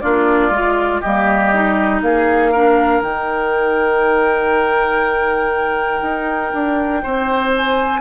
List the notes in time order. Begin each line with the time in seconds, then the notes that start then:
0.00 A#3 D4 F4 D5
0.49 G#3 F4
1.01 G3 A#3 G4 D#5
1.54 D#4
2.01 A#3 G#4 F5
2.51 D4 A#4
3.01 D#3 D#4 G5
6.01 D#4
6.53 D4
7.02 C4 C5
7.56 G#5